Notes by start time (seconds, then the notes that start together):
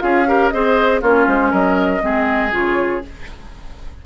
0.00 C#4 F4 G#4 F5
0.27 G4 A#4
0.50 C4 G#4 C5 D#5
1.02 A#3 C#4 F4 C#5
1.27 G#3 C5
1.51 F#3 A#4 D#5
2.01 G#3 C4 G#4
2.52 C#3 F4 C#5